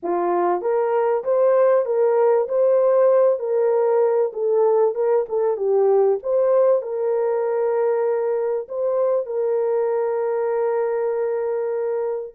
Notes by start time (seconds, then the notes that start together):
0.02 F4
0.61 A#4
1.24 C5
1.85 A#4
2.48 C5
3.39 A#4
4.32 A4
4.95 A#4
5.28 A4
5.57 G4
6.22 C5
6.82 A#4
8.68 C5
9.26 A#4